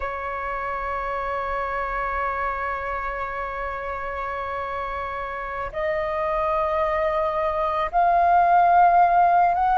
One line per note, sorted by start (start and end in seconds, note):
0.00 5.71 C#5
5.72 7.90 D#5
7.91 9.54 F5
9.54 9.78 F#5